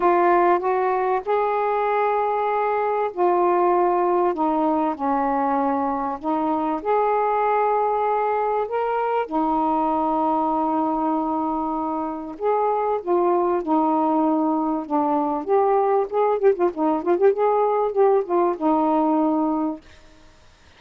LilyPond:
\new Staff \with { instrumentName = "saxophone" } { \time 4/4 \tempo 4 = 97 f'4 fis'4 gis'2~ | gis'4 f'2 dis'4 | cis'2 dis'4 gis'4~ | gis'2 ais'4 dis'4~ |
dis'1 | gis'4 f'4 dis'2 | d'4 g'4 gis'8 g'16 f'16 dis'8 f'16 g'16 | gis'4 g'8 f'8 dis'2 | }